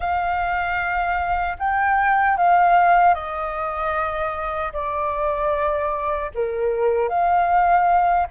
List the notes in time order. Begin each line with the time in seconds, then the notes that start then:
0.00 F5
1.58 G5
2.37 F5
3.14 D#5
4.73 D5
6.34 A#4
7.08 F5